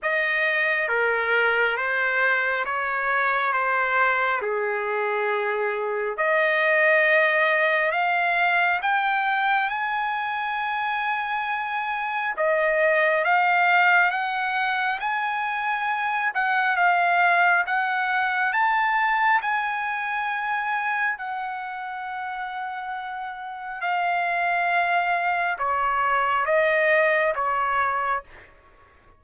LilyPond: \new Staff \with { instrumentName = "trumpet" } { \time 4/4 \tempo 4 = 68 dis''4 ais'4 c''4 cis''4 | c''4 gis'2 dis''4~ | dis''4 f''4 g''4 gis''4~ | gis''2 dis''4 f''4 |
fis''4 gis''4. fis''8 f''4 | fis''4 a''4 gis''2 | fis''2. f''4~ | f''4 cis''4 dis''4 cis''4 | }